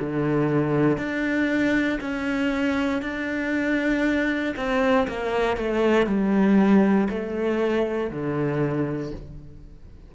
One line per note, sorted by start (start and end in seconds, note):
0.00 0.98 D3
0.98 1.99 D4
2.00 3.02 C#4
3.02 4.54 D4
4.56 5.07 C4
5.08 5.57 A#3
5.57 6.06 A3
6.06 7.08 G3
7.09 8.10 A3
8.10 9.12 D3